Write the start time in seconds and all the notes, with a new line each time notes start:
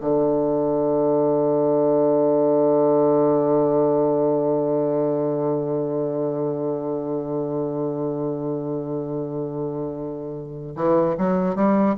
0.00 D3
10.75 E3
11.17 F#3
11.55 G3